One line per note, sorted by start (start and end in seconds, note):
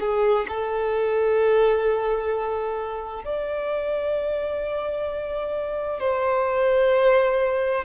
0.00 0.46 G#4
0.48 3.24 A4
3.24 6.00 D5
6.00 7.85 C5